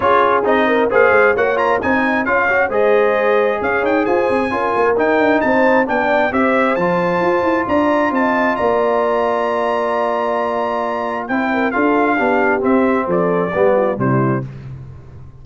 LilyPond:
<<
  \new Staff \with { instrumentName = "trumpet" } { \time 4/4 \tempo 4 = 133 cis''4 dis''4 f''4 fis''8 ais''8 | gis''4 f''4 dis''2 | f''8 g''8 gis''2 g''4 | a''4 g''4 e''4 a''4~ |
a''4 ais''4 a''4 ais''4~ | ais''1~ | ais''4 g''4 f''2 | e''4 d''2 c''4 | }
  \new Staff \with { instrumentName = "horn" } { \time 4/4 gis'4. ais'8 c''4 cis''4 | dis''4 cis''4 c''2 | cis''4 c''4 ais'2 | c''4 d''4 c''2~ |
c''4 d''4 dis''4 d''4~ | d''1~ | d''4 c''8 ais'8 a'4 g'4~ | g'4 a'4 g'8 f'8 e'4 | }
  \new Staff \with { instrumentName = "trombone" } { \time 4/4 f'4 dis'4 gis'4 fis'8 f'8 | dis'4 f'8 fis'8 gis'2~ | gis'2 f'4 dis'4~ | dis'4 d'4 g'4 f'4~ |
f'1~ | f'1~ | f'4 e'4 f'4 d'4 | c'2 b4 g4 | }
  \new Staff \with { instrumentName = "tuba" } { \time 4/4 cis'4 c'4 ais8 gis8 ais4 | c'4 cis'4 gis2 | cis'8 dis'8 f'8 c'8 cis'8 ais8 dis'8 d'8 | c'4 b4 c'4 f4 |
f'8 e'8 d'4 c'4 ais4~ | ais1~ | ais4 c'4 d'4 b4 | c'4 f4 g4 c4 | }
>>